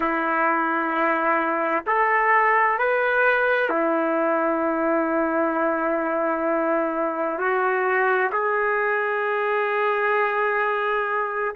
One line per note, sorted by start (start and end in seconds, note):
0.00 1.84 E4
1.86 2.78 A4
2.78 3.69 B4
3.69 7.38 E4
7.38 8.31 F#4
8.32 11.55 G#4